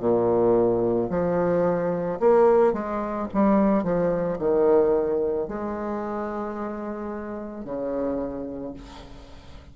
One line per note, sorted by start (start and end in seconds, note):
0.00 1.09 A#2
1.10 2.19 F3
2.20 2.73 A#3
2.73 3.27 G#3
3.34 3.83 G3
3.83 4.38 F3
4.38 5.47 D#3
5.48 7.65 G#3
7.65 8.74 C#3